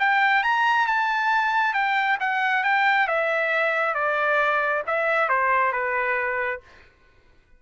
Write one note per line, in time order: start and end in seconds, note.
0.00 0.44 G5
0.44 0.87 A#5
0.87 1.74 A5
1.74 2.18 G5
2.20 2.64 F#5
2.64 3.08 G5
3.08 3.95 E5
3.95 4.83 D5
4.87 5.29 E5
5.29 5.73 C5
5.73 6.61 B4